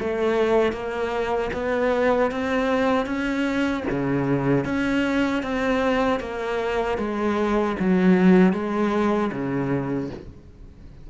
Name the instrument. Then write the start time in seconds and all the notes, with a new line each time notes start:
cello
0.00 A3
0.73 A#3
1.53 B3
2.31 C4
3.06 C#4
3.90 C#3
4.65 C#4
5.43 C4
6.20 A#3
6.98 G#3
7.80 F#3
8.53 G#3
9.32 C#3